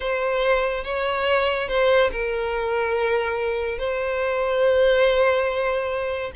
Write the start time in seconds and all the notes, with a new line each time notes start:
0.00 C5
0.84 C#5
1.68 C5
2.11 A#4
3.78 C5